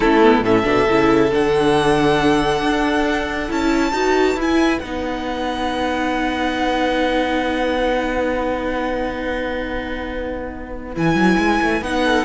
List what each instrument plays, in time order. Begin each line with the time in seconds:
0.00 cello A3, viola C#4, violin E4 A4
0.22 viola B3
0.41 cello A2, viola C#4, violin A4 E5
0.64 cello B2, viola D4
0.87 cello C#3, viola E4
1.30 cello D3, viola D4, violin F#5
2.62 cello D4
3.48 cello C#4, viola E4, violin A5
3.92 cello D#4, viola F#4, violin B4
4.35 cello E4, viola E4
4.41 violin G#5
4.79 cello B3, viola D#4, violin F#5
10.95 cello E3, viola E4, violin G#5
11.14 cello F#3
11.38 cello G#3
11.61 cello A3
11.81 cello B3, viola D#4, violin F#5
12.05 violin A4